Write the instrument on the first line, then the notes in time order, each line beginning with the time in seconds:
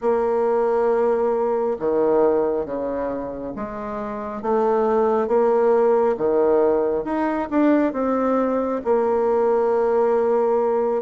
bassoon
0.01 A#3
1.79 D#3
2.65 C#3
3.55 G#3
4.42 A3
5.27 A#3
6.17 D#3
7.04 D#4
7.50 D4
7.93 C4
8.84 A#3